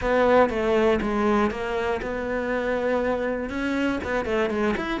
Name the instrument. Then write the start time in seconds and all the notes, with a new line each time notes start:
cello
0.01 B3
0.49 A3
1.01 G#3
1.50 A#3
2.02 B3
3.49 C#4
4.03 B3
4.25 A3
4.50 G#3
4.76 E4